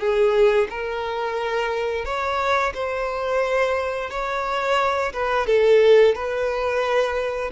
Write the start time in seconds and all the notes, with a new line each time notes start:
0.00 G#4
0.70 A#4
2.05 C#5
2.74 C5
4.10 C#5
5.13 B4
5.47 A4
6.15 B4